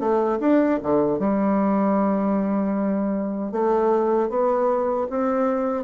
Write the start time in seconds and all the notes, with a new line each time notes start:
0.00 A3
0.41 D4
0.83 D3
1.20 G3
3.52 A3
4.30 B3
5.10 C4